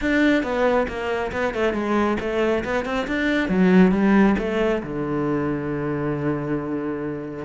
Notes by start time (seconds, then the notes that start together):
0.01 D4
0.43 B3
0.88 A#3
1.32 B3
1.53 A3
1.73 G#3
2.20 A3
2.64 B3
2.85 C4
3.07 D4
3.48 F#3
3.91 G3
4.38 A3
4.82 D3